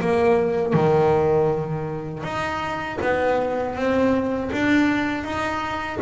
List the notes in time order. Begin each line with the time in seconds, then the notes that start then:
0.00 A#3
0.73 D#3
2.23 D#4
3.01 B3
3.75 C4
4.52 D4
5.23 D#4